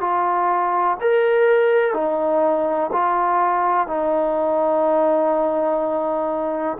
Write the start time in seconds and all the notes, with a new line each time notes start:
0.00 F4
1.00 A#4
1.93 D#4
2.92 F4
3.87 D#4